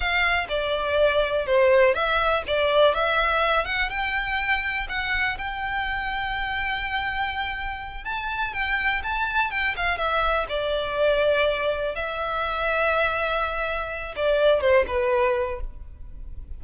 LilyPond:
\new Staff \with { instrumentName = "violin" } { \time 4/4 \tempo 4 = 123 f''4 d''2 c''4 | e''4 d''4 e''4. fis''8 | g''2 fis''4 g''4~ | g''1~ |
g''8 a''4 g''4 a''4 g''8 | f''8 e''4 d''2~ d''8~ | d''8 e''2.~ e''8~ | e''4 d''4 c''8 b'4. | }